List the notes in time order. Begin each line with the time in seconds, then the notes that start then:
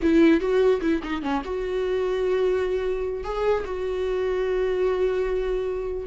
0.02 E4
0.40 F#4
0.81 E4
1.03 D#4
1.22 C#4
1.44 F#4
3.24 G#4
3.65 F#4